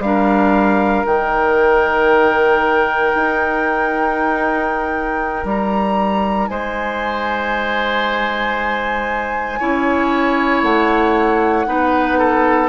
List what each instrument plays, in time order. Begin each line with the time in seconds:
0.00 bassoon G3, clarinet D4, flute F5
0.06 oboe A#4
1.06 bassoon D#3, clarinet D#4, flute G5
3.16 bassoon D#4
5.45 bassoon G3, flute A#5
6.48 bassoon G#3, oboe C5, flute G#5
9.60 bassoon C#4, clarinet E4, oboe C#5
10.63 bassoon A3, flute F#5
11.67 bassoon B3, clarinet D#4, oboe B4
12.19 oboe A4